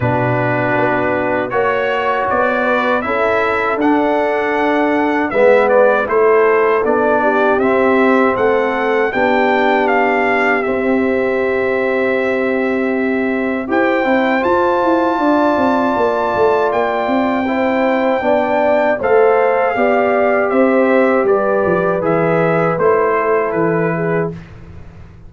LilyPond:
<<
  \new Staff \with { instrumentName = "trumpet" } { \time 4/4 \tempo 4 = 79 b'2 cis''4 d''4 | e''4 fis''2 e''8 d''8 | c''4 d''4 e''4 fis''4 | g''4 f''4 e''2~ |
e''2 g''4 a''4~ | a''2 g''2~ | g''4 f''2 e''4 | d''4 e''4 c''4 b'4 | }
  \new Staff \with { instrumentName = "horn" } { \time 4/4 fis'2 cis''4. b'8 | a'2. b'4 | a'4. g'4. a'4 | g'1~ |
g'2 c''2 | d''2. c''4 | d''4 c''4 d''4 c''4 | b'2~ b'8 a'4 gis'8 | }
  \new Staff \with { instrumentName = "trombone" } { \time 4/4 d'2 fis'2 | e'4 d'2 b4 | e'4 d'4 c'2 | d'2 c'2~ |
c'2 g'8 e'8 f'4~ | f'2. e'4 | d'4 a'4 g'2~ | g'4 gis'4 e'2 | }
  \new Staff \with { instrumentName = "tuba" } { \time 4/4 b,4 b4 ais4 b4 | cis'4 d'2 gis4 | a4 b4 c'4 a4 | b2 c'2~ |
c'2 e'8 c'8 f'8 e'8 | d'8 c'8 ais8 a8 ais8 c'4. | b4 a4 b4 c'4 | g8 f8 e4 a4 e4 | }
>>